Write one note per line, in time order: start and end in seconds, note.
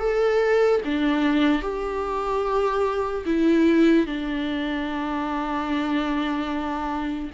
0.00 0.81 A4
0.85 1.63 D4
1.63 3.25 G4
3.26 4.07 E4
4.07 7.31 D4